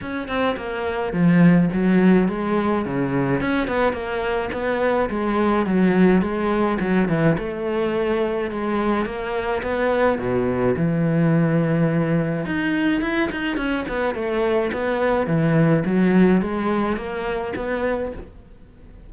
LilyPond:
\new Staff \with { instrumentName = "cello" } { \time 4/4 \tempo 4 = 106 cis'8 c'8 ais4 f4 fis4 | gis4 cis4 cis'8 b8 ais4 | b4 gis4 fis4 gis4 | fis8 e8 a2 gis4 |
ais4 b4 b,4 e4~ | e2 dis'4 e'8 dis'8 | cis'8 b8 a4 b4 e4 | fis4 gis4 ais4 b4 | }